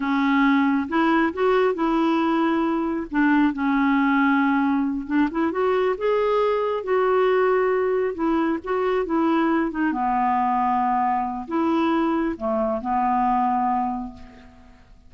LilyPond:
\new Staff \with { instrumentName = "clarinet" } { \time 4/4 \tempo 4 = 136 cis'2 e'4 fis'4 | e'2. d'4 | cis'2.~ cis'8 d'8 | e'8 fis'4 gis'2 fis'8~ |
fis'2~ fis'8 e'4 fis'8~ | fis'8 e'4. dis'8 b4.~ | b2 e'2 | a4 b2. | }